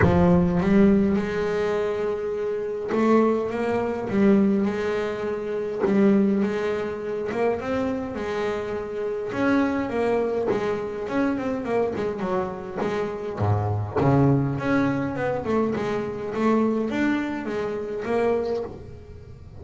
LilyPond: \new Staff \with { instrumentName = "double bass" } { \time 4/4 \tempo 4 = 103 f4 g4 gis2~ | gis4 a4 ais4 g4 | gis2 g4 gis4~ | gis8 ais8 c'4 gis2 |
cis'4 ais4 gis4 cis'8 c'8 | ais8 gis8 fis4 gis4 gis,4 | cis4 cis'4 b8 a8 gis4 | a4 d'4 gis4 ais4 | }